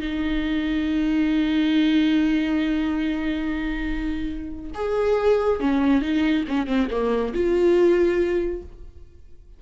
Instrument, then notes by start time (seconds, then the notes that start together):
viola
0.00 D#4
4.74 G#4
5.60 C#4
6.01 D#4
6.48 C#4
6.67 C4
6.90 A#3
7.33 F4